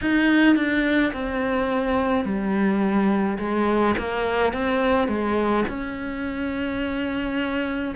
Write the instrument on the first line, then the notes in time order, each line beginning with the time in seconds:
cello
0.01 D#4
0.56 D4
1.13 C4
2.24 G3
3.38 G#3
3.98 A#3
4.52 C4
5.07 G#3
5.68 C#4